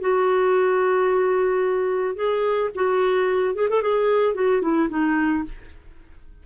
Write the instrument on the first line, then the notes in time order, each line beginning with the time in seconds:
clarinet
0.00 F#4
2.15 G#4
2.74 F#4
3.54 G#4
3.69 A4
3.82 G#4
4.34 F#4
4.61 E4
4.89 D#4